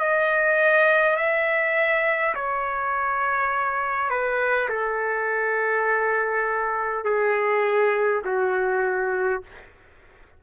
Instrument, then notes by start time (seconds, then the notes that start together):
trumpet
0.00 D#5
1.17 E5
2.35 C#5
4.10 B4
4.70 A4
7.05 G#4
8.25 F#4